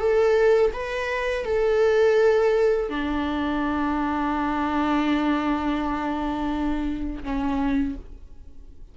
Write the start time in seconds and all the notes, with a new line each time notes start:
0.00 A4
0.74 B4
1.46 A4
2.89 D4
7.24 C#4